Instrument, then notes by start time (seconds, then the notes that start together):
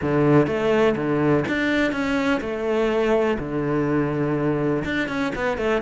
cello
0.01 D3
0.46 A3
0.96 D3
1.48 D4
1.92 C#4
2.41 A3
3.38 D3
4.84 D4
5.08 C#4
5.35 B3
5.57 A3